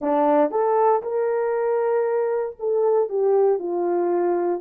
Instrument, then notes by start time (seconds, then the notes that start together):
horn
0.01 D4
0.50 A4
1.02 A#4
2.59 A4
3.09 G4
3.59 F4